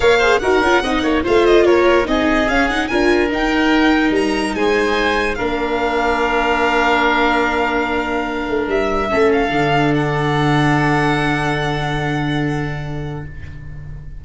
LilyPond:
<<
  \new Staff \with { instrumentName = "violin" } { \time 4/4 \tempo 4 = 145 f''4 fis''2 f''8 dis''8 | cis''4 dis''4 f''8 fis''8 gis''4 | g''2 ais''4 gis''4~ | gis''4 f''2.~ |
f''1~ | f''4 e''4. f''4. | fis''1~ | fis''1 | }
  \new Staff \with { instrumentName = "oboe" } { \time 4/4 cis''8 c''8 ais'4 dis''8 cis''8 c''4 | ais'4 gis'2 ais'4~ | ais'2. c''4~ | c''4 ais'2.~ |
ais'1~ | ais'2 a'2~ | a'1~ | a'1 | }
  \new Staff \with { instrumentName = "viola" } { \time 4/4 ais'8 gis'8 fis'8 f'8 dis'4 f'4~ | f'4 dis'4 cis'8 dis'8 f'4 | dis'1~ | dis'4 d'2.~ |
d'1~ | d'2 cis'4 d'4~ | d'1~ | d'1 | }
  \new Staff \with { instrumentName = "tuba" } { \time 4/4 ais4 dis'8 cis'8 c'8 ais8 a4 | ais4 c'4 cis'4 d'4 | dis'2 g4 gis4~ | gis4 ais2.~ |
ais1~ | ais8 a8 g4 a4 d4~ | d1~ | d1 | }
>>